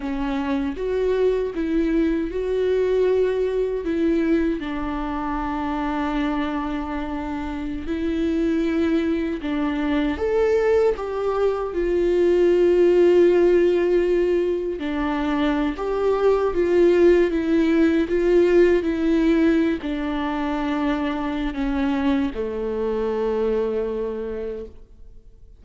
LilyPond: \new Staff \with { instrumentName = "viola" } { \time 4/4 \tempo 4 = 78 cis'4 fis'4 e'4 fis'4~ | fis'4 e'4 d'2~ | d'2~ d'16 e'4.~ e'16~ | e'16 d'4 a'4 g'4 f'8.~ |
f'2.~ f'16 d'8.~ | d'8 g'4 f'4 e'4 f'8~ | f'8 e'4~ e'16 d'2~ d'16 | cis'4 a2. | }